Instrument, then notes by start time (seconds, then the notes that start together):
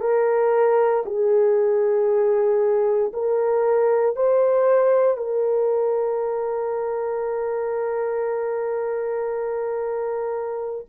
horn
0.00 A#4
1.05 G#4
3.13 A#4
4.16 C5
5.17 A#4